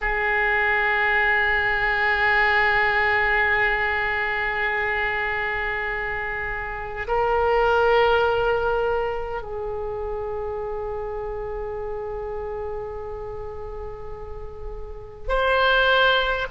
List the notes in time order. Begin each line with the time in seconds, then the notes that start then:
0.01 G#4
7.07 A#4
9.41 G#4
15.28 C5